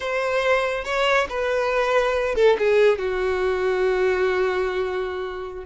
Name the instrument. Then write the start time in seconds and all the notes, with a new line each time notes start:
violin
0.00 C5
0.84 C#5
1.29 B4
2.35 A4
2.58 G#4
2.98 F#4